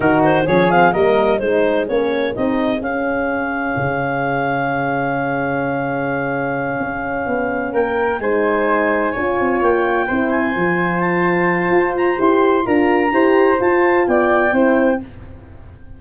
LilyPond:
<<
  \new Staff \with { instrumentName = "clarinet" } { \time 4/4 \tempo 4 = 128 ais'8 c''8 cis''8 f''8 dis''4 c''4 | cis''4 dis''4 f''2~ | f''1~ | f''1~ |
f''8 g''4 gis''2~ gis''8~ | gis''8 g''4. gis''4. a''8~ | a''4. ais''8 c'''4 ais''4~ | ais''4 a''4 g''2 | }
  \new Staff \with { instrumentName = "flute" } { \time 4/4 fis'4 gis'4 ais'4 gis'4~ | gis'1~ | gis'1~ | gis'1~ |
gis'8 ais'4 c''2 cis''8~ | cis''4. c''2~ c''8~ | c''2. ais'4 | c''2 d''4 c''4 | }
  \new Staff \with { instrumentName = "horn" } { \time 4/4 dis'4 cis'8 c'8 ais4 dis'4 | cis'4 dis'4 cis'2~ | cis'1~ | cis'1~ |
cis'4. dis'2 f'8~ | f'4. e'4 f'4.~ | f'2 g'4 f'4 | g'4 f'2 e'4 | }
  \new Staff \with { instrumentName = "tuba" } { \time 4/4 dis4 f4 g4 gis4 | ais4 c'4 cis'2 | cis1~ | cis2~ cis8 cis'4 b8~ |
b8 ais4 gis2 cis'8 | c'8 ais4 c'4 f4.~ | f4 f'4 e'4 d'4 | e'4 f'4 b4 c'4 | }
>>